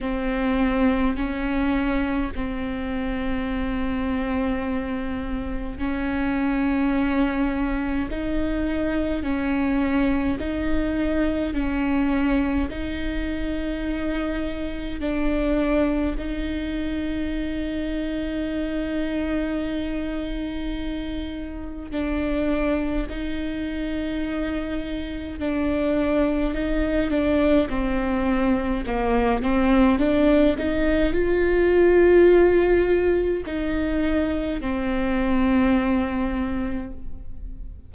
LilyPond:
\new Staff \with { instrumentName = "viola" } { \time 4/4 \tempo 4 = 52 c'4 cis'4 c'2~ | c'4 cis'2 dis'4 | cis'4 dis'4 cis'4 dis'4~ | dis'4 d'4 dis'2~ |
dis'2. d'4 | dis'2 d'4 dis'8 d'8 | c'4 ais8 c'8 d'8 dis'8 f'4~ | f'4 dis'4 c'2 | }